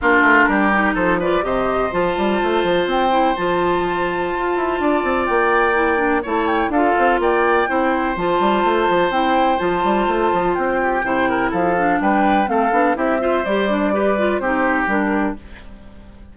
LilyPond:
<<
  \new Staff \with { instrumentName = "flute" } { \time 4/4 \tempo 4 = 125 ais'2 c''8 d''8 dis''4 | a''2 g''4 a''4~ | a''2. g''4~ | g''4 a''8 g''8 f''4 g''4~ |
g''4 a''2 g''4 | a''2 g''2 | f''4 g''4 f''4 e''4 | d''2 c''4 ais'4 | }
  \new Staff \with { instrumentName = "oboe" } { \time 4/4 f'4 g'4 a'8 b'8 c''4~ | c''1~ | c''2 d''2~ | d''4 cis''4 a'4 d''4 |
c''1~ | c''2~ c''8 g'8 c''8 ais'8 | a'4 b'4 a'4 g'8 c''8~ | c''4 b'4 g'2 | }
  \new Staff \with { instrumentName = "clarinet" } { \time 4/4 d'4. dis'4 f'8 g'4 | f'2~ f'8 e'8 f'4~ | f'1 | e'8 d'8 e'4 f'2 |
e'4 f'2 e'4 | f'2. e'4~ | e'8 d'4. c'8 d'8 e'8 f'8 | g'8 d'8 g'8 f'8 dis'4 d'4 | }
  \new Staff \with { instrumentName = "bassoon" } { \time 4/4 ais8 a8 g4 f4 c4 | f8 g8 a8 f8 c'4 f4~ | f4 f'8 e'8 d'8 c'8 ais4~ | ais4 a4 d'8 c'8 ais4 |
c'4 f8 g8 a8 f8 c'4 | f8 g8 a8 f8 c'4 c4 | f4 g4 a8 b8 c'4 | g2 c'4 g4 | }
>>